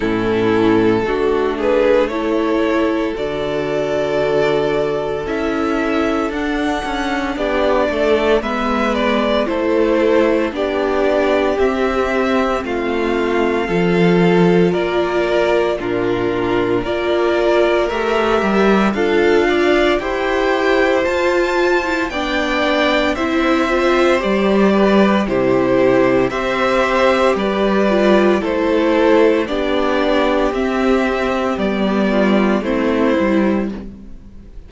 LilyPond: <<
  \new Staff \with { instrumentName = "violin" } { \time 4/4 \tempo 4 = 57 a'4. b'8 cis''4 d''4~ | d''4 e''4 fis''4 d''4 | e''8 d''8 c''4 d''4 e''4 | f''2 d''4 ais'4 |
d''4 e''4 f''4 g''4 | a''4 g''4 e''4 d''4 | c''4 e''4 d''4 c''4 | d''4 e''4 d''4 c''4 | }
  \new Staff \with { instrumentName = "violin" } { \time 4/4 e'4 fis'8 gis'8 a'2~ | a'2. g'8 a'8 | b'4 a'4 g'2 | f'4 a'4 ais'4 f'4 |
ais'2 a'8 d''8 c''4~ | c''4 d''4 c''4. b'8 | g'4 c''4 b'4 a'4 | g'2~ g'8 f'8 e'4 | }
  \new Staff \with { instrumentName = "viola" } { \time 4/4 cis'4 d'4 e'4 fis'4~ | fis'4 e'4 d'2 | b4 e'4 d'4 c'4~ | c'4 f'2 d'4 |
f'4 g'4 f'4 g'4 | f'8. e'16 d'4 e'8 f'8 g'4 | e'4 g'4. f'8 e'4 | d'4 c'4 b4 c'8 e'8 | }
  \new Staff \with { instrumentName = "cello" } { \time 4/4 a,4 a2 d4~ | d4 cis'4 d'8 cis'8 b8 a8 | gis4 a4 b4 c'4 | a4 f4 ais4 ais,4 |
ais4 a8 g8 d'4 e'4 | f'4 b4 c'4 g4 | c4 c'4 g4 a4 | b4 c'4 g4 a8 g8 | }
>>